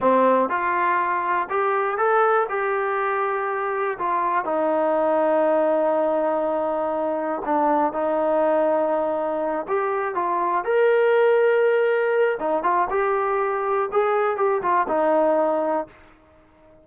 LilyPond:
\new Staff \with { instrumentName = "trombone" } { \time 4/4 \tempo 4 = 121 c'4 f'2 g'4 | a'4 g'2. | f'4 dis'2.~ | dis'2. d'4 |
dis'2.~ dis'8 g'8~ | g'8 f'4 ais'2~ ais'8~ | ais'4 dis'8 f'8 g'2 | gis'4 g'8 f'8 dis'2 | }